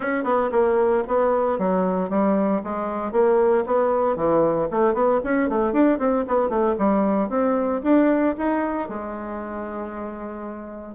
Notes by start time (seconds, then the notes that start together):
0.00 C#4
0.23 B3
0.51 A#3
1.07 B3
1.58 F#3
2.09 G3
2.63 G#3
3.12 A#3
3.66 B3
4.15 E3
4.70 A3
4.94 B3
5.24 C#4
5.49 A3
5.72 D4
5.99 C4
6.27 B3
6.49 A3
6.78 G3
7.29 C4
7.83 D4
8.37 D#4
8.88 G#3